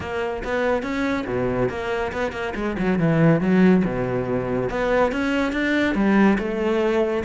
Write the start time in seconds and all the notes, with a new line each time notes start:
0.00 A#3
0.44 B3
0.82 C#4
1.26 B2
1.69 A#3
2.12 B3
2.32 A#3
2.55 G#3
2.79 F#3
2.98 E3
3.40 F#3
3.85 B2
4.69 B3
5.12 C#4
5.52 D4
5.95 G3
6.38 A3